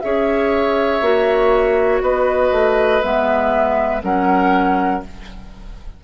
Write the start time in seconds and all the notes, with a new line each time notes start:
0.00 C#4 G#4 C#5 E5
1.01 A#3 F#4
2.01 B3 B4 D#5
2.51 A3
3.01 G#3 B3 E5
4.02 F#3 C#4 A#4 F#5